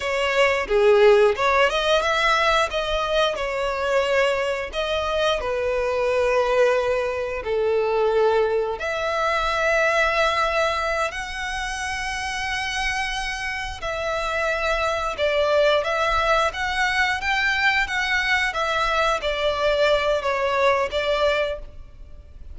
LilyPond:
\new Staff \with { instrumentName = "violin" } { \time 4/4 \tempo 4 = 89 cis''4 gis'4 cis''8 dis''8 e''4 | dis''4 cis''2 dis''4 | b'2. a'4~ | a'4 e''2.~ |
e''8 fis''2.~ fis''8~ | fis''8 e''2 d''4 e''8~ | e''8 fis''4 g''4 fis''4 e''8~ | e''8 d''4. cis''4 d''4 | }